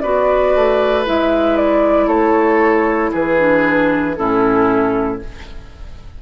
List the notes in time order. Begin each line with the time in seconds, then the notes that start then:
0.00 B3 F#4 B4 D5
0.55 A3
1.05 G#3 E4 E5
1.56 D5
2.06 A3 A4 C#5
3.11 E3 G#4 B4
3.38 D4
4.15 A2 C#4 E4 A4